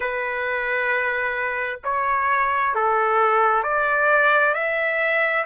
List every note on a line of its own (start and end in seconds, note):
0.00 1.79 B4
1.84 2.74 C#5
2.74 3.63 A4
3.63 4.54 D5
4.54 5.45 E5